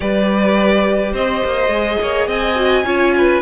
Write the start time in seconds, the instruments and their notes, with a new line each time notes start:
0.00 cello G3, viola G4, violin B4 D5
1.12 cello C4, violin C5 D#5
1.44 cello A#3
1.68 cello G#3, viola G#4
2.01 cello A#3, violin C#5
2.27 cello C4, violin D#5 G#5
2.55 viola F#4
2.84 cello C#4, viola F4, violin C#5
3.17 violin B4